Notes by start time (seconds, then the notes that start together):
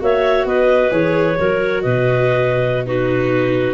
0.00 A#3 F#4 C#5 E5
0.44 B3 B4 D#5
0.90 E3 G#4 C#5
1.38 F#3 F#4 A#4
1.82 B2 B4 D#5
2.86 D#4 F#4 B4